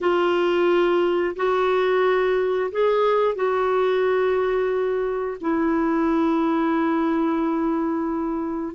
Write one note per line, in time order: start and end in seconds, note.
0.00 1.35 F4
1.35 2.70 F#4
2.71 3.35 G#4
3.35 5.37 F#4
5.41 8.75 E4